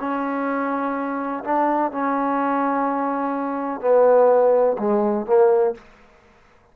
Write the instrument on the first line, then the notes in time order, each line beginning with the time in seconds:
trombone
0.00 C#4
1.44 D4
1.92 C#4
3.81 B3
4.79 G#3
5.27 A#3